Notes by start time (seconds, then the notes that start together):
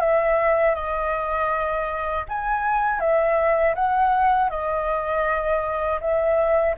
0.00 E5
0.75 D#5
2.29 G#5
3.00 E5
3.75 F#5
4.50 D#5
6.01 E5